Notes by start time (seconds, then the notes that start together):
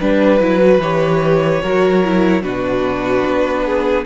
0.00 G3 D4 B4
0.39 F#3 E4
0.60 F#4
0.79 E3 G4 C#5
1.62 F#3 F#4 A#4
2.04 E4
2.42 B2 D4 F#4 B4
3.26 B3
3.65 G#4